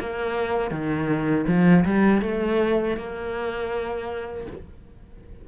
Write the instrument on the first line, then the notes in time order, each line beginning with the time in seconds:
cello
0.00 A#3
0.71 D#3
1.47 F3
1.85 G3
2.22 A3
2.97 A#3